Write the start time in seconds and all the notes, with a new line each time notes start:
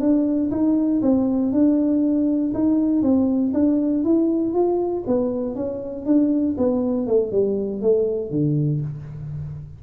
0.00 D4
0.51 D#4
1.02 C4
1.52 D4
2.54 D#4
3.03 C4
3.54 D4
4.04 E4
4.54 F4
5.07 B3
5.55 C#4
6.05 D4
6.58 B3
7.07 A3
7.32 G3
7.82 A3
8.31 D3